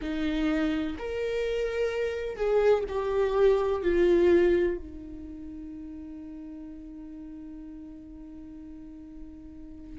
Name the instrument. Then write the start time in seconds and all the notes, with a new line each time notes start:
viola
0.01 D#4
0.98 A#4
2.36 G#4
2.88 G4
3.82 F4
4.77 D#4